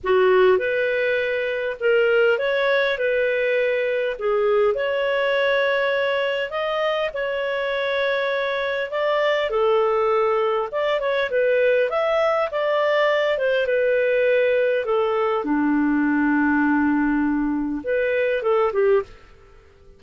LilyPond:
\new Staff \with { instrumentName = "clarinet" } { \time 4/4 \tempo 4 = 101 fis'4 b'2 ais'4 | cis''4 b'2 gis'4 | cis''2. dis''4 | cis''2. d''4 |
a'2 d''8 cis''8 b'4 | e''4 d''4. c''8 b'4~ | b'4 a'4 d'2~ | d'2 b'4 a'8 g'8 | }